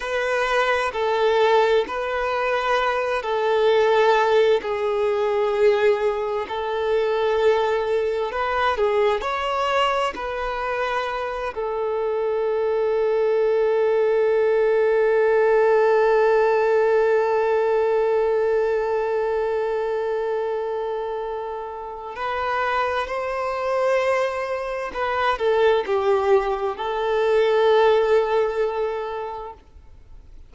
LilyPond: \new Staff \with { instrumentName = "violin" } { \time 4/4 \tempo 4 = 65 b'4 a'4 b'4. a'8~ | a'4 gis'2 a'4~ | a'4 b'8 gis'8 cis''4 b'4~ | b'8 a'2.~ a'8~ |
a'1~ | a'1 | b'4 c''2 b'8 a'8 | g'4 a'2. | }